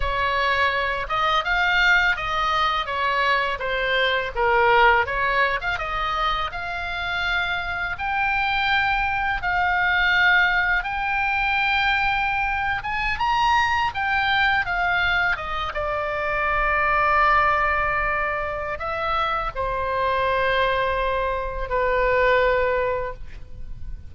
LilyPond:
\new Staff \with { instrumentName = "oboe" } { \time 4/4 \tempo 4 = 83 cis''4. dis''8 f''4 dis''4 | cis''4 c''4 ais'4 cis''8. f''16 | dis''4 f''2 g''4~ | g''4 f''2 g''4~ |
g''4.~ g''16 gis''8 ais''4 g''8.~ | g''16 f''4 dis''8 d''2~ d''16~ | d''2 e''4 c''4~ | c''2 b'2 | }